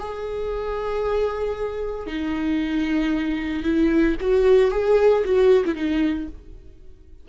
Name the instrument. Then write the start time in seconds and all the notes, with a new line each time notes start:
viola
0.00 G#4
2.07 D#4
3.64 E4
4.21 F#4
4.72 G#4
5.25 F#4
5.66 E4
5.76 D#4